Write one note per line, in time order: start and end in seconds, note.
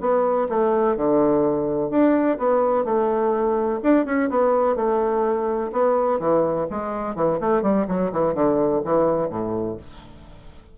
0.00 0.48 B3
0.48 0.96 A3
0.96 1.90 D3
1.90 2.37 D4
2.38 2.84 B3
2.84 3.79 A3
3.83 4.05 D4
4.05 4.29 C#4
4.29 4.75 B3
4.75 5.71 A3
5.72 6.19 B3
6.19 6.67 E3
6.70 7.15 G#3
7.15 7.39 E3
7.40 7.62 A3
7.62 7.86 G3
7.87 8.11 F#3
8.12 8.34 E3
8.34 8.82 D3
8.84 9.29 E3
9.29 9.77 A2